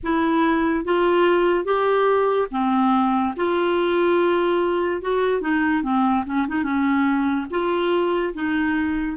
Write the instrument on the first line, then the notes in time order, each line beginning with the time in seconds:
clarinet
0.03 E4
0.84 F4
1.64 G4
2.51 C4
3.36 F4
5.02 F#4
5.41 D#4
5.82 C4
6.26 C#4
6.48 D#4
6.62 C#4
7.50 F4
8.34 D#4